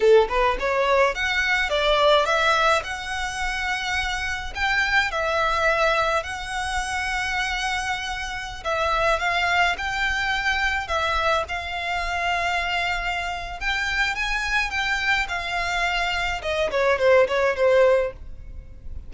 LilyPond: \new Staff \with { instrumentName = "violin" } { \time 4/4 \tempo 4 = 106 a'8 b'8 cis''4 fis''4 d''4 | e''4 fis''2. | g''4 e''2 fis''4~ | fis''2.~ fis''16 e''8.~ |
e''16 f''4 g''2 e''8.~ | e''16 f''2.~ f''8. | g''4 gis''4 g''4 f''4~ | f''4 dis''8 cis''8 c''8 cis''8 c''4 | }